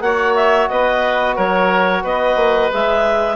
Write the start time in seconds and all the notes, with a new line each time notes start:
0.00 A#3 F#4 C#5 F#5
0.35 E5
0.68 B3 B4 D#5
1.35 F#3 A#4 C#5
2.03 B3 B4 D#5
2.35 A#3
2.72 G#3 G#4 E5